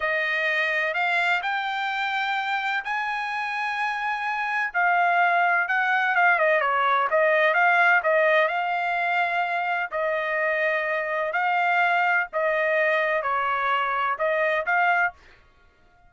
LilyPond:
\new Staff \with { instrumentName = "trumpet" } { \time 4/4 \tempo 4 = 127 dis''2 f''4 g''4~ | g''2 gis''2~ | gis''2 f''2 | fis''4 f''8 dis''8 cis''4 dis''4 |
f''4 dis''4 f''2~ | f''4 dis''2. | f''2 dis''2 | cis''2 dis''4 f''4 | }